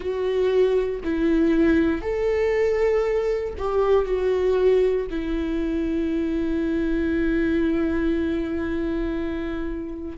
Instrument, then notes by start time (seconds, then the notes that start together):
viola
0.00 F#4
1.04 E4
2.01 A4
3.57 G4
4.04 F#4
5.10 E4